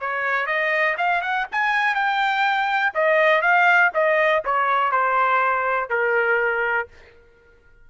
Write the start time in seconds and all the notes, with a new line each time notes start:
0.00 C#5
0.46 D#5
0.97 F5
1.22 F#5
1.52 G#5
1.94 G5
2.94 D#5
3.42 F5
3.94 D#5
4.45 C#5
4.91 C5
5.89 A#4